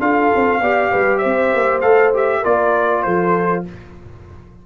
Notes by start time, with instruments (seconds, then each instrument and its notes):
0.00 tuba D4, trombone F4, horn A4, trumpet F5
0.35 tuba C4
0.61 tuba B3, trombone G4, horn D5
0.92 tuba G3, horn B4
1.18 horn C5, trumpet E5
1.25 tuba C4
1.54 tuba A#3
1.81 tuba A3, trombone A4, trumpet F5
2.14 trombone G4, trumpet E5
2.40 tuba A#3, trombone F4, horn A#4, trumpet D5
3.03 tuba F3, horn A4, trumpet C5